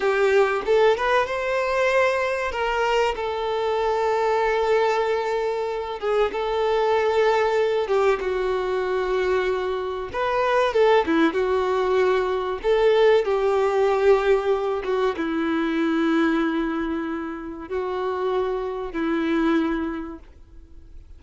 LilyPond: \new Staff \with { instrumentName = "violin" } { \time 4/4 \tempo 4 = 95 g'4 a'8 b'8 c''2 | ais'4 a'2.~ | a'4. gis'8 a'2~ | a'8 g'8 fis'2. |
b'4 a'8 e'8 fis'2 | a'4 g'2~ g'8 fis'8 | e'1 | fis'2 e'2 | }